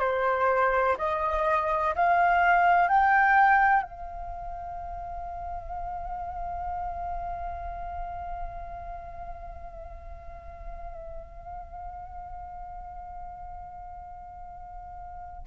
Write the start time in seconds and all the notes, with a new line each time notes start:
0.00 C5
0.98 D#5
1.95 F5
2.88 G5
3.82 F5